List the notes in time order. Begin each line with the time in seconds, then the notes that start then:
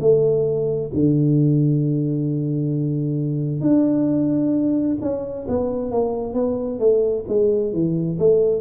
0.00 A3
0.94 D3
3.61 D4
5.01 C#4
5.48 B3
5.91 A#3
6.34 B3
6.79 A3
7.29 G#3
7.73 E3
8.19 A3